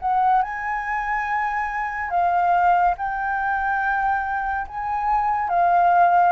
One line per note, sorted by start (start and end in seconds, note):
0.00 0.42 F#5
0.42 2.10 G#5
2.10 2.95 F5
2.97 4.66 G5
4.67 5.49 G#5
5.49 6.32 F5